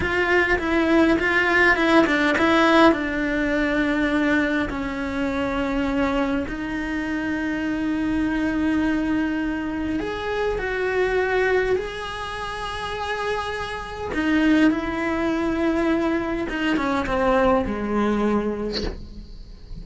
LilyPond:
\new Staff \with { instrumentName = "cello" } { \time 4/4 \tempo 4 = 102 f'4 e'4 f'4 e'8 d'8 | e'4 d'2. | cis'2. dis'4~ | dis'1~ |
dis'4 gis'4 fis'2 | gis'1 | dis'4 e'2. | dis'8 cis'8 c'4 gis2 | }